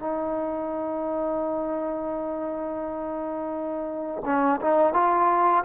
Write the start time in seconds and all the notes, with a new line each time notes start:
0.00 D#4
4.25 C#4
4.61 D#4
4.94 F4